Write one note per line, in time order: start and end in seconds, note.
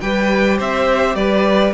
0.00 0.59 G3
0.00 1.73 G4
0.00 0.57 B4
0.00 0.58 G5
0.57 1.15 C4
0.57 1.16 C5
0.57 1.15 E5
1.15 1.73 G3
1.15 1.73 B4
1.15 1.73 D5